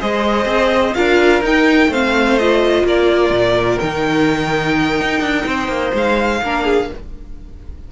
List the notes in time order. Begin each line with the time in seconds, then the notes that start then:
0.00 G#3 G#4 C5 D#5
0.45 C4
0.94 D4 F4 A#4 F5
1.41 D#4 G5
1.88 A3 C4 C5 F5
2.38 F4 D#5
2.83 A#3 A#4 D5
3.30 A#2
3.79 D#3 D#4 G5
5.01 D#4
5.20 D4
5.46 C4 C5
5.68 A#3
5.94 G#3 F5
6.42 A#3 D4 A#4
6.64 G#4